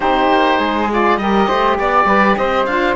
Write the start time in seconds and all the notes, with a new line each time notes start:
0.00 C4 D#4 G4 C5
0.30 A#3
0.58 G#3 G#4
0.90 F4 D5
1.16 G3 G4 A#4 D#5
1.47 A3 C5
1.78 B3 D5
2.05 G3 B4
2.36 C4 C5 D#5
2.65 D4 F4 F5